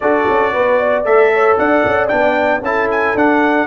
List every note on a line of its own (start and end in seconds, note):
0.00 0.27 D4
0.00 1.05 F#4
0.00 0.53 A4
0.00 1.04 D5
0.28 0.54 C#4
0.53 1.04 B3
0.53 0.79 B4
0.79 1.32 D5
1.04 1.57 A3
1.04 2.08 A4
1.04 1.57 E5
1.33 1.58 C#5
1.57 1.85 D4
1.57 2.62 D5
1.57 2.08 F#5
1.85 2.11 C#4
2.08 2.61 B3
2.08 2.61 D4
2.08 2.60 G5
2.61 3.14 C#4
2.61 3.16 E4
2.61 3.67 A4
2.61 2.90 A5
2.90 3.17 G#5
3.15 3.67 D4
3.15 3.67 F#5